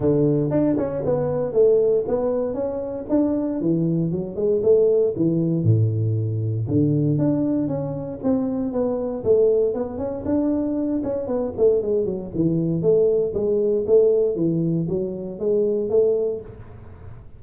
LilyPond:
\new Staff \with { instrumentName = "tuba" } { \time 4/4 \tempo 4 = 117 d4 d'8 cis'8 b4 a4 | b4 cis'4 d'4 e4 | fis8 gis8 a4 e4 a,4~ | a,4 d4 d'4 cis'4 |
c'4 b4 a4 b8 cis'8 | d'4. cis'8 b8 a8 gis8 fis8 | e4 a4 gis4 a4 | e4 fis4 gis4 a4 | }